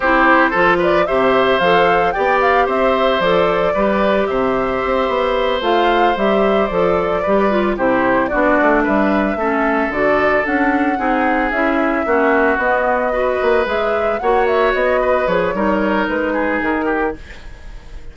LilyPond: <<
  \new Staff \with { instrumentName = "flute" } { \time 4/4 \tempo 4 = 112 c''4. d''8 e''4 f''4 | g''8 f''8 e''4 d''2 | e''2~ e''8 f''4 e''8~ | e''8 d''2 c''4 d''8~ |
d''8 e''2 d''4 fis''8~ | fis''4. e''2 dis''8~ | dis''4. e''4 fis''8 e''8 dis''8~ | dis''8 cis''4. b'4 ais'4 | }
  \new Staff \with { instrumentName = "oboe" } { \time 4/4 g'4 a'8 b'8 c''2 | d''4 c''2 b'4 | c''1~ | c''4. b'4 g'4 fis'8~ |
fis'8 b'4 a'2~ a'8~ | a'8 gis'2 fis'4.~ | fis'8 b'2 cis''4. | b'4 ais'4. gis'4 g'8 | }
  \new Staff \with { instrumentName = "clarinet" } { \time 4/4 e'4 f'4 g'4 a'4 | g'2 a'4 g'4~ | g'2~ g'8 f'4 g'8~ | g'8 a'4 g'8 f'8 e'4 d'8~ |
d'4. cis'4 fis'4 d'8~ | d'8 dis'4 e'4 cis'4 b8~ | b8 fis'4 gis'4 fis'4.~ | fis'8 gis'8 dis'2. | }
  \new Staff \with { instrumentName = "bassoon" } { \time 4/4 c'4 f4 c4 f4 | b4 c'4 f4 g4 | c4 c'8 b4 a4 g8~ | g8 f4 g4 c4 b8 |
a8 g4 a4 d4 cis'8~ | cis'8 c'4 cis'4 ais4 b8~ | b4 ais8 gis4 ais4 b8~ | b8 f8 g4 gis4 dis4 | }
>>